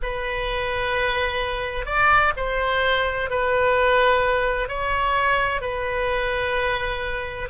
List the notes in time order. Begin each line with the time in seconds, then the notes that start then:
0.02 B4
1.85 D5
2.36 C5
3.30 B4
4.68 C#5
5.61 B4